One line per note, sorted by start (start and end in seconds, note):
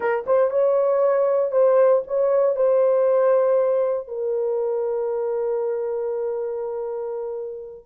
0.00 0.24 A#4
0.26 0.50 C5
0.50 1.51 C#5
1.51 2.02 C5
2.07 2.55 C#5
2.55 4.07 C5
4.07 7.86 A#4